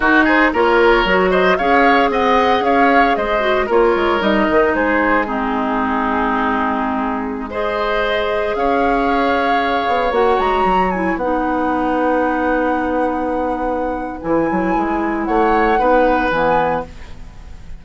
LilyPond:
<<
  \new Staff \with { instrumentName = "flute" } { \time 4/4 \tempo 4 = 114 ais'8 c''8 cis''4. dis''8 f''4 | fis''4 f''4 dis''4 cis''4 | dis''4 c''4 gis'2~ | gis'2~ gis'16 dis''4.~ dis''16~ |
dis''16 f''2. fis''8 ais''16~ | ais''8. gis''8 fis''2~ fis''8.~ | fis''2. gis''4~ | gis''4 fis''2 gis''4 | }
  \new Staff \with { instrumentName = "oboe" } { \time 4/4 fis'8 gis'8 ais'4. c''8 cis''4 | dis''4 cis''4 c''4 ais'4~ | ais'4 gis'4 dis'2~ | dis'2~ dis'16 c''4.~ c''16~ |
c''16 cis''2.~ cis''8.~ | cis''4~ cis''16 b'2~ b'8.~ | b'1~ | b'4 cis''4 b'2 | }
  \new Staff \with { instrumentName = "clarinet" } { \time 4/4 dis'4 f'4 fis'4 gis'4~ | gis'2~ gis'8 fis'8 f'4 | dis'2 c'2~ | c'2~ c'16 gis'4.~ gis'16~ |
gis'2.~ gis'16 fis'8.~ | fis'8. e'8 dis'2~ dis'8.~ | dis'2. e'4~ | e'2 dis'4 b4 | }
  \new Staff \with { instrumentName = "bassoon" } { \time 4/4 dis'4 ais4 fis4 cis'4 | c'4 cis'4 gis4 ais8 gis8 | g8 dis8 gis2.~ | gis1~ |
gis16 cis'2~ cis'8 b8 ais8 gis16~ | gis16 fis4 b2~ b8.~ | b2. e8 fis8 | gis4 a4 b4 e4 | }
>>